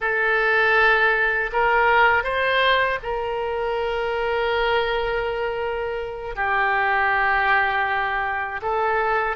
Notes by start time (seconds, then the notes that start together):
0.00 A4
1.52 A#4
2.23 C5
3.02 A#4
6.35 G4
8.61 A4